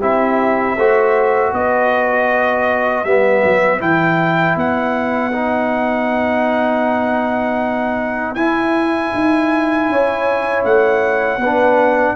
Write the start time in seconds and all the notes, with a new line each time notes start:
0.00 C4 E4 G4 E5
0.76 A3 F#4 C5
1.53 B3 B4 D#5
3.04 G3 B3 E5
3.44 F#3
3.80 E3 E4 G5
4.56 B3 F#5
5.32 D#4
8.35 E4 G#5
9.14 D#4
9.89 C#4 C#5
10.65 A3 F#5
11.37 B3 B4
11.45 D4